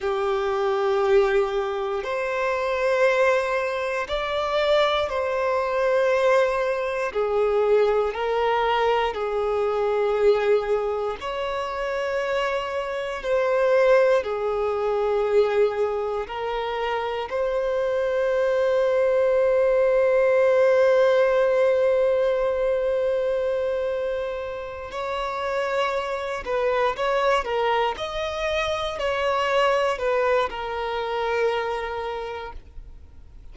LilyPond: \new Staff \with { instrumentName = "violin" } { \time 4/4 \tempo 4 = 59 g'2 c''2 | d''4 c''2 gis'4 | ais'4 gis'2 cis''4~ | cis''4 c''4 gis'2 |
ais'4 c''2.~ | c''1~ | c''8 cis''4. b'8 cis''8 ais'8 dis''8~ | dis''8 cis''4 b'8 ais'2 | }